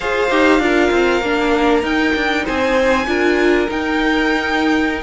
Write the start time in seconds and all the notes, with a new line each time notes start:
0.00 F4 G#4 C5 F5
0.30 D#4 G4
0.59 D4 F4 A#4
0.90 C4
1.21 A#3 D4
1.82 D#4 G5
2.15 D4
2.45 C4 C5 G#5
3.06 D4 F4 A#4
3.68 D#4 G5